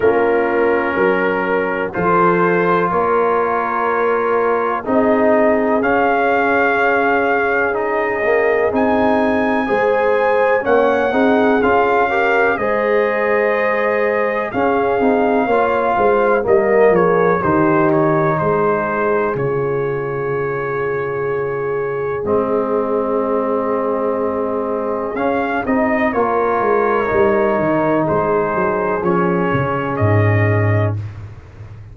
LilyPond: <<
  \new Staff \with { instrumentName = "trumpet" } { \time 4/4 \tempo 4 = 62 ais'2 c''4 cis''4~ | cis''4 dis''4 f''2 | dis''4 gis''2 fis''4 | f''4 dis''2 f''4~ |
f''4 dis''8 cis''8 c''8 cis''8 c''4 | cis''2. dis''4~ | dis''2 f''8 dis''8 cis''4~ | cis''4 c''4 cis''4 dis''4 | }
  \new Staff \with { instrumentName = "horn" } { \time 4/4 f'4 ais'4 a'4 ais'4~ | ais'4 gis'2.~ | gis'2 c''4 cis''8 gis'8~ | gis'8 ais'8 c''2 gis'4 |
cis''8 c''8 ais'8 gis'8 g'4 gis'4~ | gis'1~ | gis'2. ais'4~ | ais'4 gis'2. | }
  \new Staff \with { instrumentName = "trombone" } { \time 4/4 cis'2 f'2~ | f'4 dis'4 cis'2 | dis'8 ais8 dis'4 gis'4 cis'8 dis'8 | f'8 g'8 gis'2 cis'8 dis'8 |
f'4 ais4 dis'2 | f'2. c'4~ | c'2 cis'8 dis'8 f'4 | dis'2 cis'2 | }
  \new Staff \with { instrumentName = "tuba" } { \time 4/4 ais4 fis4 f4 ais4~ | ais4 c'4 cis'2~ | cis'4 c'4 gis4 ais8 c'8 | cis'4 gis2 cis'8 c'8 |
ais8 gis8 g8 f8 dis4 gis4 | cis2. gis4~ | gis2 cis'8 c'8 ais8 gis8 | g8 dis8 gis8 fis8 f8 cis8 gis,4 | }
>>